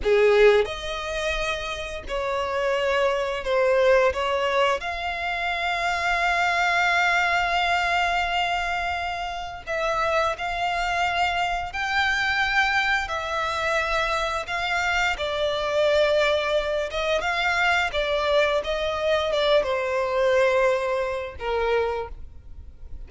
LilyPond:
\new Staff \with { instrumentName = "violin" } { \time 4/4 \tempo 4 = 87 gis'4 dis''2 cis''4~ | cis''4 c''4 cis''4 f''4~ | f''1~ | f''2 e''4 f''4~ |
f''4 g''2 e''4~ | e''4 f''4 d''2~ | d''8 dis''8 f''4 d''4 dis''4 | d''8 c''2~ c''8 ais'4 | }